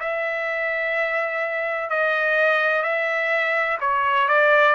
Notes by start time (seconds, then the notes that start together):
0.00 E5
1.90 D#5
2.83 E5
3.81 C#5
4.29 D5